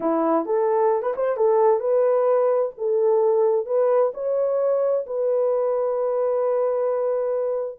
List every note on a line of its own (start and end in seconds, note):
0.00 0.45 E4
0.45 1.02 A4
1.02 1.13 B4
1.16 1.37 C5
1.37 1.80 A4
1.80 2.71 B4
2.77 3.66 A4
3.66 4.12 B4
4.13 5.05 C#5
5.06 7.79 B4